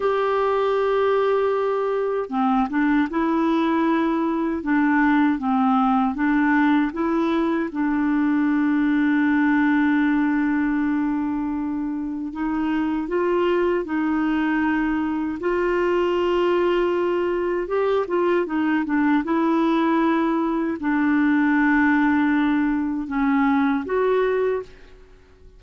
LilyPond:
\new Staff \with { instrumentName = "clarinet" } { \time 4/4 \tempo 4 = 78 g'2. c'8 d'8 | e'2 d'4 c'4 | d'4 e'4 d'2~ | d'1 |
dis'4 f'4 dis'2 | f'2. g'8 f'8 | dis'8 d'8 e'2 d'4~ | d'2 cis'4 fis'4 | }